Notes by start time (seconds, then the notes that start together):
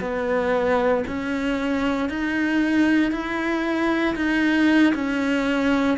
0.00 B3
1.07 C#4
2.09 D#4
3.12 E4
4.15 D#4
4.94 C#4